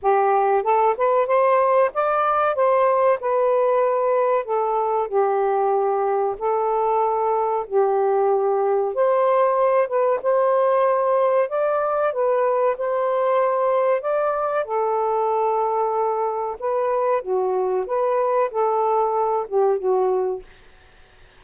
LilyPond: \new Staff \with { instrumentName = "saxophone" } { \time 4/4 \tempo 4 = 94 g'4 a'8 b'8 c''4 d''4 | c''4 b'2 a'4 | g'2 a'2 | g'2 c''4. b'8 |
c''2 d''4 b'4 | c''2 d''4 a'4~ | a'2 b'4 fis'4 | b'4 a'4. g'8 fis'4 | }